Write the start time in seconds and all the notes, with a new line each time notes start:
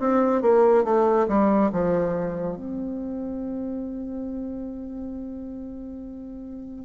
0.00 C4
0.42 A#3
0.85 A3
1.28 G3
1.73 F3
2.56 C4